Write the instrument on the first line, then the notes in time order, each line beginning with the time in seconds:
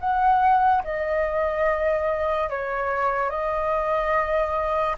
flute
0.00 F#5
0.84 D#5
2.50 C#5
3.30 D#5